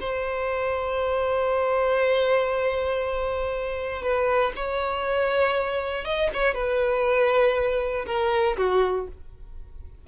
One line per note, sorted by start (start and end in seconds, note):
0.00 4.02 C5
4.02 4.52 B4
4.55 6.04 C#5
6.04 6.29 D#5
6.33 6.54 C#5
6.54 8.05 B4
8.06 8.56 A#4
8.56 9.07 F#4